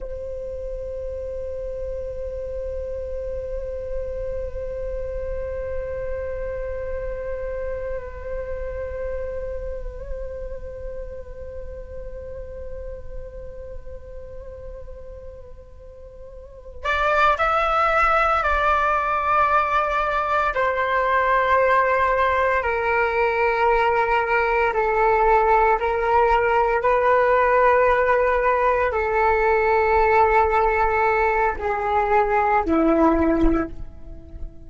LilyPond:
\new Staff \with { instrumentName = "flute" } { \time 4/4 \tempo 4 = 57 c''1~ | c''1~ | c''1~ | c''1 |
d''8 e''4 d''2 c''8~ | c''4. ais'2 a'8~ | a'8 ais'4 b'2 a'8~ | a'2 gis'4 e'4 | }